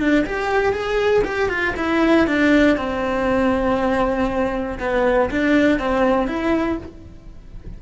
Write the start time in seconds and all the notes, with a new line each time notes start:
0.00 D4
0.26 G4
0.73 G#4
1.24 G4
1.49 F4
1.77 E4
2.27 D4
2.77 C4
4.80 B3
5.31 D4
5.79 C4
6.27 E4